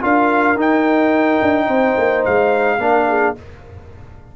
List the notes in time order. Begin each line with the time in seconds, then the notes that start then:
0.00 D4 F4 A#4 F5
0.55 D#4 G5
1.41 D4
1.66 C4 C5
1.97 A#3
2.24 G#3 F5
2.78 A#3 D4 A#4
3.08 G#4